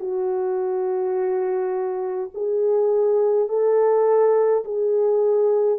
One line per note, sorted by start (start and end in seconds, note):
0.00 2.31 F#4
2.34 3.49 G#4
3.49 4.64 A4
4.65 5.79 G#4